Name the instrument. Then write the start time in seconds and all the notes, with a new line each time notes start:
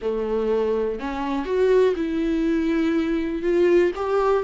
viola
0.01 A3
0.99 C#4
1.45 F#4
1.96 E4
3.42 F4
3.95 G4